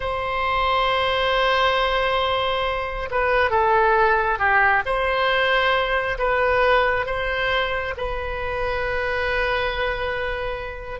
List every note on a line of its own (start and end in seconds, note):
0.00 3.09 C5
3.10 3.50 B4
3.50 4.38 A4
4.38 4.82 G4
4.85 6.18 C5
6.18 7.05 B4
7.05 7.94 C5
7.97 10.99 B4